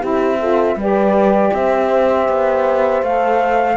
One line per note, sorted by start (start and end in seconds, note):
0.00 0.75 C4
0.00 0.39 E4
0.00 0.38 G4
0.00 0.80 E5
0.40 0.77 F4
0.40 0.77 A4
0.75 1.50 G3
0.75 3.04 G4
0.75 1.53 B4
0.75 1.54 D5
1.53 2.29 C4
1.53 3.77 C5
1.53 3.03 E5
2.29 3.02 B3
3.02 3.77 A3
3.02 3.77 A4
3.02 3.77 F5